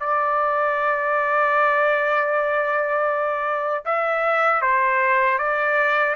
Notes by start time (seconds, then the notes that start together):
0.00 D5
3.85 E5
4.62 C5
5.38 D5